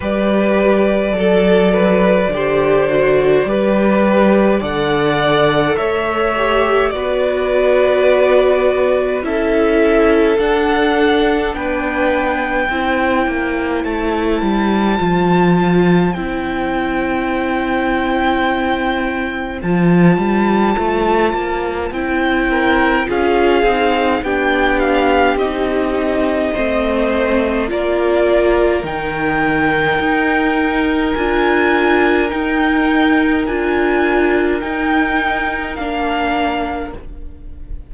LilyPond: <<
  \new Staff \with { instrumentName = "violin" } { \time 4/4 \tempo 4 = 52 d''1 | fis''4 e''4 d''2 | e''4 fis''4 g''2 | a''2 g''2~ |
g''4 a''2 g''4 | f''4 g''8 f''8 dis''2 | d''4 g''2 gis''4 | g''4 gis''4 g''4 f''4 | }
  \new Staff \with { instrumentName = "violin" } { \time 4/4 b'4 a'8 b'8 c''4 b'4 | d''4 cis''4 b'2 | a'2 b'4 c''4~ | c''1~ |
c''2.~ c''8 ais'8 | gis'4 g'2 c''4 | ais'1~ | ais'1 | }
  \new Staff \with { instrumentName = "viola" } { \time 4/4 g'4 a'4 g'8 fis'8 g'4 | a'4. g'8 fis'2 | e'4 d'2 e'4~ | e'4 f'4 e'2~ |
e'4 f'2 e'4 | f'8 dis'8 d'4 dis'4 c'4 | f'4 dis'2 f'4 | dis'4 f'4 dis'4 d'4 | }
  \new Staff \with { instrumentName = "cello" } { \time 4/4 g4 fis4 d4 g4 | d4 a4 b2 | cis'4 d'4 b4 c'8 ais8 | a8 g8 f4 c'2~ |
c'4 f8 g8 a8 ais8 c'4 | cis'8 c'8 b4 c'4 a4 | ais4 dis4 dis'4 d'4 | dis'4 d'4 dis'4 ais4 | }
>>